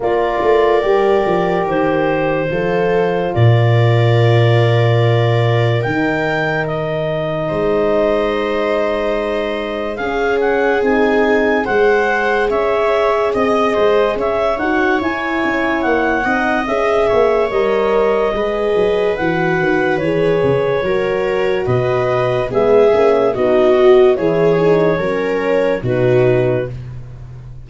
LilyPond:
<<
  \new Staff \with { instrumentName = "clarinet" } { \time 4/4 \tempo 4 = 72 d''2 c''2 | d''2. g''4 | dis''1 | f''8 fis''8 gis''4 fis''4 e''4 |
dis''4 e''8 fis''8 gis''4 fis''4 | e''4 dis''2 fis''4 | cis''2 dis''4 e''4 | dis''4 cis''2 b'4 | }
  \new Staff \with { instrumentName = "viola" } { \time 4/4 ais'2. a'4 | ais'1~ | ais'4 c''2. | gis'2 c''4 cis''4 |
dis''8 c''8 cis''2~ cis''8 dis''8~ | dis''8 cis''4. b'2~ | b'4 ais'4 b'4 gis'4 | fis'4 gis'4 ais'4 fis'4 | }
  \new Staff \with { instrumentName = "horn" } { \time 4/4 f'4 g'2 f'4~ | f'2. dis'4~ | dis'1 | cis'4 dis'4 gis'2~ |
gis'4. fis'8 e'4. dis'8 | gis'4 ais'4 gis'4 fis'4 | gis'4 fis'2 b8 cis'8 | dis'8 fis'8 e'8 dis'8 cis'4 dis'4 | }
  \new Staff \with { instrumentName = "tuba" } { \time 4/4 ais8 a8 g8 f8 dis4 f4 | ais,2. dis4~ | dis4 gis2. | cis'4 c'4 gis4 cis'4 |
c'8 gis8 cis'8 dis'8 e'8 cis'8 ais8 c'8 | cis'8 ais8 g4 gis8 fis8 e8 dis8 | e8 cis8 fis4 b,4 gis8 ais8 | b4 e4 fis4 b,4 | }
>>